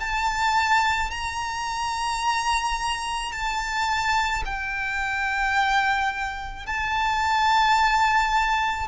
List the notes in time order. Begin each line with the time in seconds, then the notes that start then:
0.00 A5
1.11 A#5
3.32 A5
4.45 G5
6.67 A5